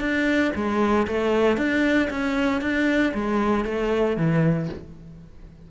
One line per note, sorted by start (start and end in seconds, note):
0.00 0.52 D4
0.55 1.07 G#3
1.07 1.57 A3
1.57 2.09 D4
2.10 2.61 C#4
2.61 3.13 D4
3.14 3.65 G#3
3.65 4.16 A3
4.17 4.68 E3